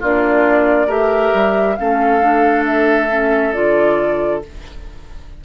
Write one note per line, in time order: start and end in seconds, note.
0.00 0.87 A#3
0.00 0.88 D4
0.00 0.87 F4
0.00 0.91 D5
0.87 1.31 A3
0.87 1.76 G4
0.87 1.75 A#4
0.87 1.76 E5
1.33 1.77 G3
1.76 3.56 A3
1.76 2.21 C#4
1.76 4.44 A4
1.76 2.64 F5
2.21 3.09 D4
2.65 3.53 E5
3.10 3.53 C#4
3.53 4.44 D3
3.53 4.42 F4
3.53 4.42 D5